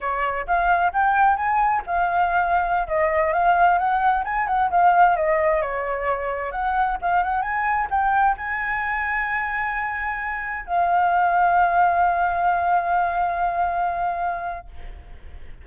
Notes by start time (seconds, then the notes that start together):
0.00 C#5
0.46 F5
0.92 G5
1.36 G#5
1.86 F5
2.87 D#5
3.33 F5
3.78 F#5
4.24 G#5
4.47 F#5
4.70 F5
5.16 D#5
5.61 C#5
6.51 F#5
7.01 F5
7.23 F#5
7.42 G#5
7.90 G5
8.37 G#5
10.66 F5